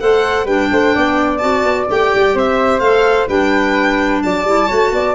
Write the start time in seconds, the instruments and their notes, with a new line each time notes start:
0.00 tuba A3, clarinet A4, flute C5, violin F#5
0.45 tuba G3, clarinet D4, flute B4, violin G5
0.72 tuba A3, flute C5
0.95 tuba B3, flute D5
1.38 tuba C4, clarinet F#4, violin A5
1.64 tuba B3
1.88 tuba A3, clarinet G4, violin G5
2.15 tuba G3
2.35 tuba C4, flute C5, violin E5
2.80 tuba A3, clarinet A4, violin F5
3.28 tuba G3, clarinet D4, flute B4, violin G5
4.23 tuba F#3, flute D5, violin A5
4.44 tuba G3, clarinet E4
4.67 tuba A3, clarinet F#4, flute C#5
4.91 tuba B3, flute D5